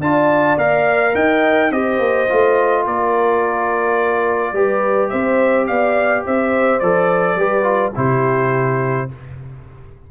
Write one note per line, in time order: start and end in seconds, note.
0.00 0.57 D4
0.00 0.58 F4
0.00 1.14 D5
0.00 0.58 A5
0.57 1.13 A#3
0.57 1.71 A#4
0.57 1.15 F5
1.14 1.71 D#4
1.14 1.71 D#5
1.14 1.72 G5
1.71 1.98 C4
1.71 2.28 G4
1.71 2.84 C5
1.71 2.85 D#5
1.98 2.27 A#3
2.28 2.85 A3
2.28 4.54 F4
2.84 4.52 A#3
2.84 4.53 A#4
2.84 5.09 D5
4.52 5.09 G3
4.52 6.81 G4
4.52 5.10 B4
5.09 5.69 C4
5.09 5.67 C5
5.09 5.65 E5
5.66 6.26 B3
5.66 6.24 D5
5.66 6.23 F5
6.25 6.81 C4
6.25 7.38 C5
6.25 6.79 E5
6.79 7.35 F3
6.79 7.38 A4
6.79 7.92 D5
7.35 7.92 G3
7.35 7.62 G4
7.35 7.94 B4
7.62 7.91 F4
7.95 9.10 C3
7.95 9.08 E4
7.95 9.10 G4
7.95 9.10 C5